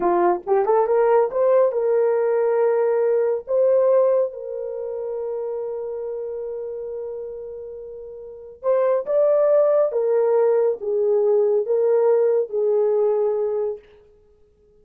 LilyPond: \new Staff \with { instrumentName = "horn" } { \time 4/4 \tempo 4 = 139 f'4 g'8 a'8 ais'4 c''4 | ais'1 | c''2 ais'2~ | ais'1~ |
ais'1 | c''4 d''2 ais'4~ | ais'4 gis'2 ais'4~ | ais'4 gis'2. | }